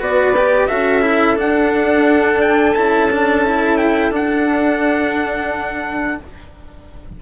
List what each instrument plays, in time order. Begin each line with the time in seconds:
0.00 bassoon B3, cello F#4, violin B4, trumpet D5
0.37 cello G4
0.68 bassoon C#4, cello F#4, violin A4, trumpet E5
1.02 cello E4
1.36 cello D4, bassoon D4, trumpet F#5
2.42 trumpet G5
2.75 bassoon C#4, cello E4, trumpet A5
3.11 cello D4
3.46 cello E4
3.78 trumpet G5
4.11 bassoon D4, cello D4, trumpet F#5